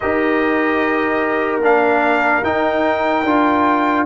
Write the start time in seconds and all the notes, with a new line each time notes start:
0.00 D#4 G4 A#4 D#5
1.59 A#3 D4 F5
2.42 D#4 G5
3.24 D4 F4